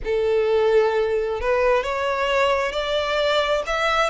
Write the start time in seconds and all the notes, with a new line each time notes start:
0.04 A4
1.40 B4
1.83 C#5
2.71 D5
3.66 E5